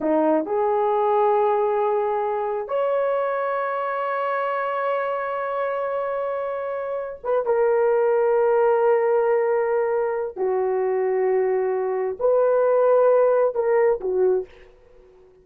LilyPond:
\new Staff \with { instrumentName = "horn" } { \time 4/4 \tempo 4 = 133 dis'4 gis'2.~ | gis'2 cis''2~ | cis''1~ | cis''1 |
b'8 ais'2.~ ais'8~ | ais'2. fis'4~ | fis'2. b'4~ | b'2 ais'4 fis'4 | }